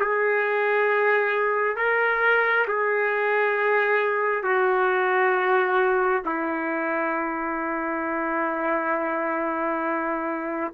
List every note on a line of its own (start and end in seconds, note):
0.00 1.77 G#4
1.77 2.66 A#4
2.68 4.43 G#4
4.43 6.22 F#4
6.26 10.73 E4